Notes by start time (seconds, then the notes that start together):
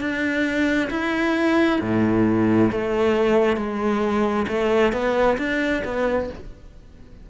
0.00 D4
0.90 E4
1.81 A2
2.71 A3
3.56 G#3
4.48 A3
4.93 B3
5.37 D4
5.85 B3